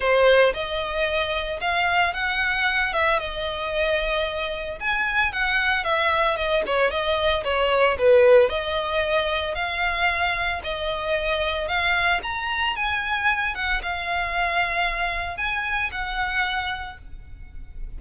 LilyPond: \new Staff \with { instrumentName = "violin" } { \time 4/4 \tempo 4 = 113 c''4 dis''2 f''4 | fis''4. e''8 dis''2~ | dis''4 gis''4 fis''4 e''4 | dis''8 cis''8 dis''4 cis''4 b'4 |
dis''2 f''2 | dis''2 f''4 ais''4 | gis''4. fis''8 f''2~ | f''4 gis''4 fis''2 | }